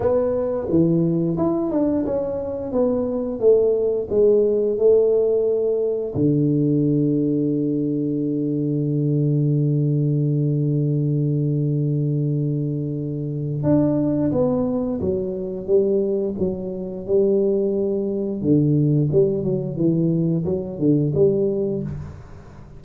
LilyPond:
\new Staff \with { instrumentName = "tuba" } { \time 4/4 \tempo 4 = 88 b4 e4 e'8 d'8 cis'4 | b4 a4 gis4 a4~ | a4 d2.~ | d1~ |
d1 | d'4 b4 fis4 g4 | fis4 g2 d4 | g8 fis8 e4 fis8 d8 g4 | }